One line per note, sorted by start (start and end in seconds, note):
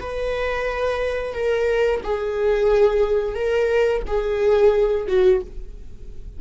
0.00 1.34 B4
1.34 2.01 A#4
2.03 3.35 G#4
3.35 4.02 A#4
4.07 5.07 G#4
5.07 5.41 F#4